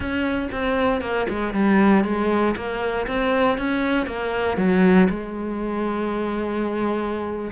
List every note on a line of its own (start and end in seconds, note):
0.00 0.49 C#4
0.51 1.01 C4
1.01 1.26 A#3
1.29 1.53 G#3
1.53 2.04 G3
2.04 2.55 G#3
2.56 3.06 A#3
3.07 3.58 C4
3.58 4.06 C#4
4.06 4.57 A#3
4.57 5.08 F#3
5.09 7.51 G#3